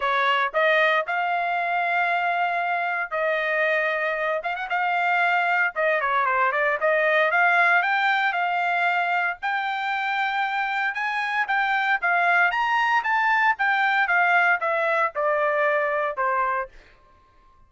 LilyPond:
\new Staff \with { instrumentName = "trumpet" } { \time 4/4 \tempo 4 = 115 cis''4 dis''4 f''2~ | f''2 dis''2~ | dis''8 f''16 fis''16 f''2 dis''8 cis''8 | c''8 d''8 dis''4 f''4 g''4 |
f''2 g''2~ | g''4 gis''4 g''4 f''4 | ais''4 a''4 g''4 f''4 | e''4 d''2 c''4 | }